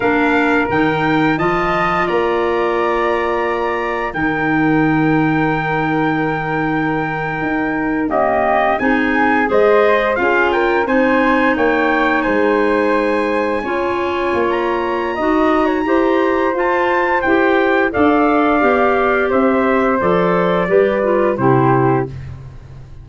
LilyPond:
<<
  \new Staff \with { instrumentName = "trumpet" } { \time 4/4 \tempo 4 = 87 f''4 g''4 a''4 ais''4~ | ais''2 g''2~ | g''2.~ g''8. dis''16~ | dis''8. gis''4 dis''4 f''8 g''8 gis''16~ |
gis''8. g''4 gis''2~ gis''16~ | gis''4 ais''2. | a''4 g''4 f''2 | e''4 d''2 c''4 | }
  \new Staff \with { instrumentName = "flute" } { \time 4/4 ais'2 dis''4 d''4~ | d''2 ais'2~ | ais'2.~ ais'8. g'16~ | g'8. gis'4 c''4 gis'8 ais'8 c''16~ |
c''8. cis''4 c''2 cis''16~ | cis''2 dis''8. cis''16 c''4~ | c''2 d''2 | c''2 b'4 g'4 | }
  \new Staff \with { instrumentName = "clarinet" } { \time 4/4 d'4 dis'4 f'2~ | f'2 dis'2~ | dis'2.~ dis'8. ais16~ | ais8. dis'4 gis'4 f'4 dis'16~ |
dis'2.~ dis'8. f'16~ | f'2 fis'4 g'4 | f'4 g'4 a'4 g'4~ | g'4 a'4 g'8 f'8 e'4 | }
  \new Staff \with { instrumentName = "tuba" } { \time 4/4 ais4 dis4 f4 ais4~ | ais2 dis2~ | dis2~ dis8. dis'4 cis'16~ | cis'8. c'4 gis4 cis'4 c'16~ |
c'8. ais4 gis2 cis'16~ | cis'8. ais4~ ais16 dis'4 e'4 | f'4 e'4 d'4 b4 | c'4 f4 g4 c4 | }
>>